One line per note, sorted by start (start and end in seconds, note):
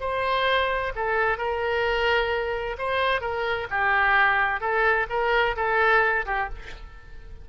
0.00 0.92 C5
0.95 1.38 A4
1.38 2.76 A#4
2.78 3.21 C5
3.21 3.67 A#4
3.70 4.60 G4
4.60 5.07 A4
5.09 5.56 A#4
5.56 6.25 A4
6.26 6.49 G4